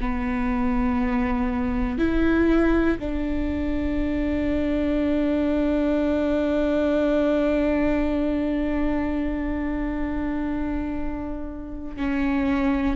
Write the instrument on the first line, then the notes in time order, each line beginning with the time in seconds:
viola
0.00 B3
1.98 E4
2.99 D4
11.96 C#4